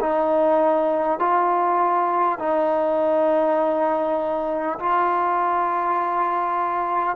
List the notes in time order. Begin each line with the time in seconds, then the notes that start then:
0.00 D#4
1.19 F4
2.39 D#4
4.79 F4